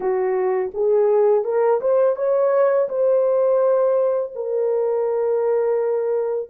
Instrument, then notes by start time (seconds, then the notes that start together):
horn
0.00 F#4
0.74 G#4
1.44 A#4
1.80 C5
2.16 C#5
2.88 C5
4.35 A#4